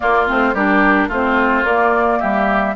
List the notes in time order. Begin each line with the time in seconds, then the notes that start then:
0.00 A#3 F4 D5
0.26 A3 C4 C5
0.53 G3 D4 G4 A#4
1.08 A3 C4 F4 C5
1.63 A#3 D5
2.19 G3 G4 E5